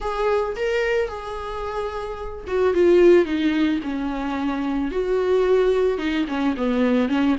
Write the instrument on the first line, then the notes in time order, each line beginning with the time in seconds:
viola
0.00 G#4
0.56 A#4
1.08 G#4
2.47 F#4
2.73 F4
3.25 D#4
3.83 C#4
4.91 F#4
5.98 D#4
6.28 C#4
6.56 B3
7.08 C#4